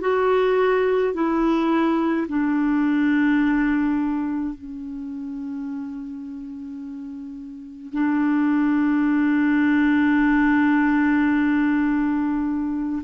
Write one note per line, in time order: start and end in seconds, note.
0.00 1.13 F#4
1.14 2.27 E4
2.28 4.54 D4
4.54 7.92 C#4
7.92 13.02 D4